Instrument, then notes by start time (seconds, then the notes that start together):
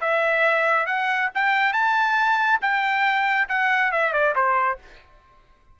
trumpet
0.00 E5
0.86 F#5
1.34 G5
1.72 A5
2.61 G5
3.48 F#5
3.92 E5
4.12 D5
4.35 C5